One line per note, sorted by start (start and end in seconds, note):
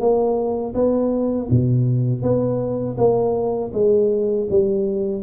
0.00 0.74 A#3
0.74 1.48 B3
1.51 2.23 B2
2.23 2.97 B3
2.98 3.72 A#3
3.73 4.47 G#3
4.50 5.23 G3